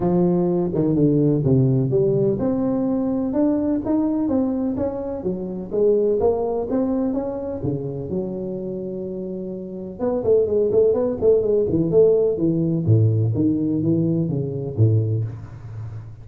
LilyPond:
\new Staff \with { instrumentName = "tuba" } { \time 4/4 \tempo 4 = 126 f4. dis8 d4 c4 | g4 c'2 d'4 | dis'4 c'4 cis'4 fis4 | gis4 ais4 c'4 cis'4 |
cis4 fis2.~ | fis4 b8 a8 gis8 a8 b8 a8 | gis8 e8 a4 e4 a,4 | dis4 e4 cis4 a,4 | }